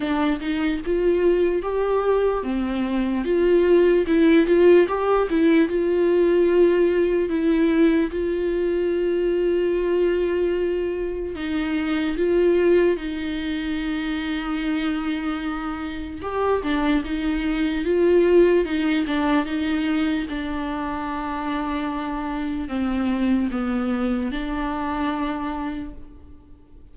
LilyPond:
\new Staff \with { instrumentName = "viola" } { \time 4/4 \tempo 4 = 74 d'8 dis'8 f'4 g'4 c'4 | f'4 e'8 f'8 g'8 e'8 f'4~ | f'4 e'4 f'2~ | f'2 dis'4 f'4 |
dis'1 | g'8 d'8 dis'4 f'4 dis'8 d'8 | dis'4 d'2. | c'4 b4 d'2 | }